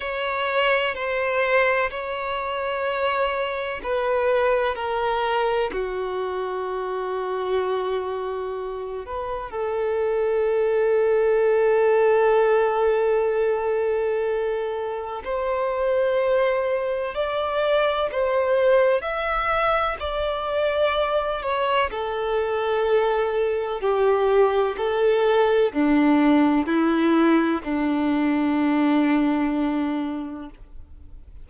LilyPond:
\new Staff \with { instrumentName = "violin" } { \time 4/4 \tempo 4 = 63 cis''4 c''4 cis''2 | b'4 ais'4 fis'2~ | fis'4. b'8 a'2~ | a'1 |
c''2 d''4 c''4 | e''4 d''4. cis''8 a'4~ | a'4 g'4 a'4 d'4 | e'4 d'2. | }